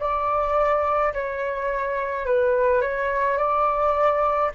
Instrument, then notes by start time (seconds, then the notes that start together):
flute
0.00 D5
1.14 C#5
2.26 B4
2.81 C#5
3.38 D5